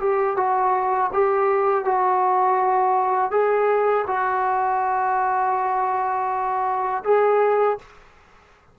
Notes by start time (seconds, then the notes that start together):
0.00 G4
0.37 F#4
1.13 G4
1.85 F#4
3.31 G#4
4.07 F#4
7.04 G#4